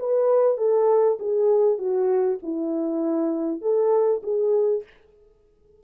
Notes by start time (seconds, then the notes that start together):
0.00 B4
0.58 A4
1.20 G#4
1.79 F#4
2.43 E4
3.62 A4
4.23 G#4